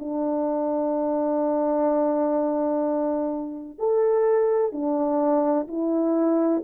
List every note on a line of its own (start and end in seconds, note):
0.00 3.79 D4
3.79 4.72 A4
4.72 5.68 D4
5.68 6.63 E4